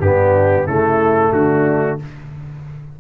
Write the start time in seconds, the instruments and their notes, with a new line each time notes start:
0.00 tuba G2, trombone B3, horn D4, trumpet G4
0.65 tuba C#3, trombone A3, horn E4, trumpet A4
1.32 tuba D3, horn D4, trumpet F#4